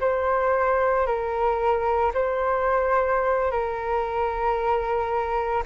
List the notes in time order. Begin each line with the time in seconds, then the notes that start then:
0.00 C5
1.06 A#4
2.14 C5
3.51 A#4